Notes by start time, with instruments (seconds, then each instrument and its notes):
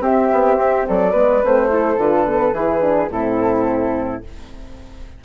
0.00 bassoon C4, horn C4, flute G4 E5
0.32 bassoon B3
0.57 bassoon C4
0.88 bassoon F#3, flute A4 D5
1.11 bassoon G#3, horn B3, flute B4
1.42 bassoon A3, horn C4, flute C5
1.69 horn E4, flute A4
1.97 bassoon D3, horn F4, flute B4
2.27 horn B3
2.52 bassoon E3, horn E4, flute G#4
2.81 horn D4
3.10 bassoon A2, horn C4, flute E4 A4